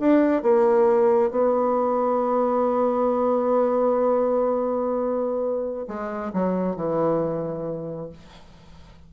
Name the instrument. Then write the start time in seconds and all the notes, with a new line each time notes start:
bassoon
0.00 D4
0.43 A#3
1.31 B3
5.88 G#3
6.33 F#3
6.76 E3